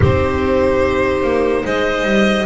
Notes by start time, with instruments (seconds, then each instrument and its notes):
0.00 double bass C4, viola D#4, clarinet G4, violin C5
1.22 double bass A#3
1.63 double bass G#3, clarinet C5, violin D#5
2.03 double bass G3